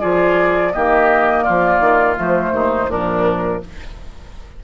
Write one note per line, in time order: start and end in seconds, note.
0.00 0.75 F3
0.00 0.73 F4
0.00 0.72 G#4
0.00 0.72 D5
0.72 1.47 D#3
0.72 2.16 A#3
0.72 1.43 G4
0.72 1.43 D#5
1.43 1.80 F3
1.43 2.52 F4
1.43 2.15 D5
1.80 2.16 D#3
2.16 2.50 F3
2.16 2.88 A3
2.16 2.91 C5
2.50 2.86 D#2
2.50 2.90 D#4
2.87 3.59 A#2
2.87 3.64 F3
2.87 3.62 D4
2.87 3.63 A#4